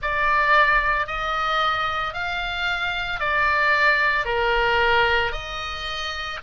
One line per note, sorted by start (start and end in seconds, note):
0.01 1.06 D5
1.06 2.13 D#5
2.13 3.19 F5
3.19 4.25 D5
4.25 5.31 A#4
5.31 6.38 D#5